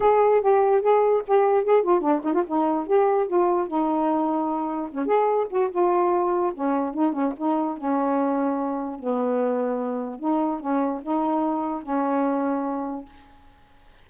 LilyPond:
\new Staff \with { instrumentName = "saxophone" } { \time 4/4 \tempo 4 = 147 gis'4 g'4 gis'4 g'4 | gis'8 f'8 d'8 dis'16 f'16 dis'4 g'4 | f'4 dis'2. | cis'8 gis'4 fis'8 f'2 |
cis'4 dis'8 cis'8 dis'4 cis'4~ | cis'2 b2~ | b4 dis'4 cis'4 dis'4~ | dis'4 cis'2. | }